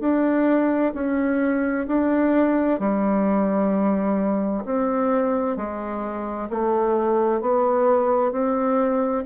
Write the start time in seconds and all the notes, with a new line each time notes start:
0.00 D4
0.94 C#4
1.87 D4
2.79 G3
4.65 C4
5.56 G#3
6.50 A3
7.41 B3
8.32 C4